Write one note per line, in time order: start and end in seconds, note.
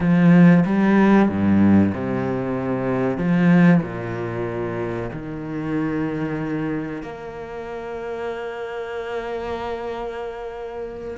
0.00 0.64 F3
0.65 1.29 G3
1.29 1.92 G2
1.94 3.17 C3
3.17 3.81 F3
3.82 5.09 A#2
5.12 7.02 D#3
7.02 11.17 A#3